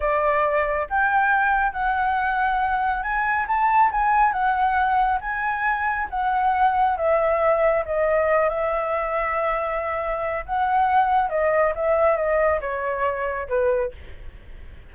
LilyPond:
\new Staff \with { instrumentName = "flute" } { \time 4/4 \tempo 4 = 138 d''2 g''2 | fis''2. gis''4 | a''4 gis''4 fis''2 | gis''2 fis''2 |
e''2 dis''4. e''8~ | e''1 | fis''2 dis''4 e''4 | dis''4 cis''2 b'4 | }